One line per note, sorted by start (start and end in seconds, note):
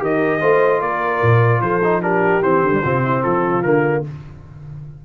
0.00 0.42 D#3
0.00 0.40 G4
0.00 0.41 A#4
0.00 0.82 D#5
0.41 0.81 A3
0.41 1.82 F4
0.41 0.81 C5
0.81 1.21 A#3
0.81 1.61 A#4
0.81 1.62 D5
1.23 1.61 A#2
1.61 2.42 F3
1.61 2.02 A4
1.61 2.02 C5
1.84 2.02 D#4
2.02 2.43 D4
2.02 2.82 G4
2.02 2.43 A#4
2.42 2.63 E3
2.42 2.72 C4
2.42 3.23 C5
2.63 2.83 D3
2.72 2.82 G3
2.82 3.25 C3
2.82 3.64 C4
2.82 3.02 F4
3.04 3.23 E4
3.23 3.65 F3
3.23 4.04 F4
3.23 3.63 A4
3.63 4.05 D3
3.63 4.04 A#3
3.63 4.03 A#4